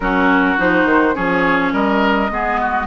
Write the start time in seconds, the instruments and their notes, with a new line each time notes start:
0.00 bassoon F#3, clarinet C#4, oboe F#4, flute A#4
0.57 bassoon F3, clarinet D#4, flute C5
0.85 bassoon D#3
1.14 bassoon F3, clarinet C#4, oboe G#4, flute C#5
1.72 bassoon G3, oboe A#4, flute D#5
2.29 bassoon G#3, clarinet B3, oboe G#4
2.61 oboe F#4